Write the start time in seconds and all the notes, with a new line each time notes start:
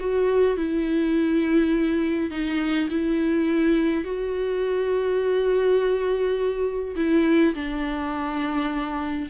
0.00 F#4
0.57 E4
2.31 D#4
2.90 E4
4.05 F#4
6.96 E4
7.55 D4